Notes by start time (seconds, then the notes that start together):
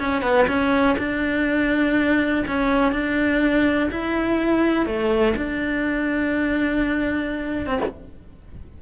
0.00 C#4
0.22 B3
0.48 C#4
0.98 D4
2.47 C#4
2.92 D4
3.91 E4
4.86 A3
5.36 D4
7.67 C4